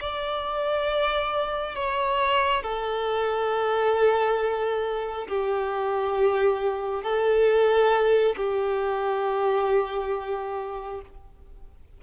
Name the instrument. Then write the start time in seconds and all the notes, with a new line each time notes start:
violin
0.00 D5
1.75 C#5
2.63 A4
5.28 G4
7.03 A4
8.36 G4